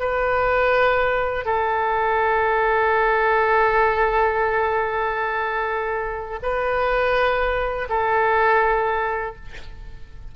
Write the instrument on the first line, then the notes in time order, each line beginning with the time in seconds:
oboe
0.00 B4
1.46 A4
6.43 B4
7.90 A4